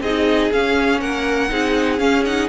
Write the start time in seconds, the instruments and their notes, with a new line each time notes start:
0.00 cello C4, viola D#4, violin G#4 D#5
0.51 viola C#4, cello C#4, violin F5
1.00 cello A#3, violin A#4 F#5
1.49 cello C4, viola D#4, violin G#4
1.98 viola C#4, cello C#4, violin F5
2.25 viola D#4, violin F#5